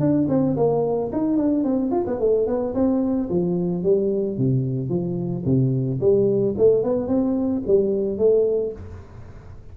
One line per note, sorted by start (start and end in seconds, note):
0.00 0.27 D4
0.29 0.56 C4
0.57 1.11 A#3
1.13 1.38 D#4
1.38 1.64 D4
1.64 1.91 C4
1.91 2.05 F4
2.07 2.19 B3
2.19 2.47 A3
2.47 2.74 B3
2.75 3.29 C4
3.30 3.83 F3
3.83 4.38 G3
4.38 4.89 C3
4.89 5.44 F3
5.45 6.00 C3
6.00 6.55 G3
6.58 6.83 A3
6.83 7.08 B3
7.08 7.62 C4
7.67 8.18 G3
8.18 8.73 A3